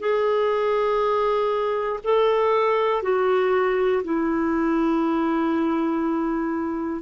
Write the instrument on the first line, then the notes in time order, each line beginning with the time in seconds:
clarinet
0.00 G#4
2.04 A4
3.03 F#4
4.05 E4